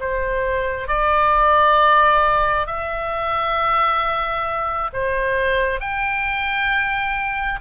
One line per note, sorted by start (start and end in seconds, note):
0.00 0.88 C5
0.88 2.67 D5
2.67 4.91 E5
4.93 5.80 C5
5.80 7.60 G5